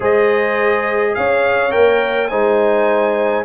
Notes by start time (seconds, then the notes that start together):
0.00 G#3 G#4 C5 D#5
1.14 C#4 C#5 F5
1.70 A#3 A#4 G5
2.28 G#3 D#4 C5 G#5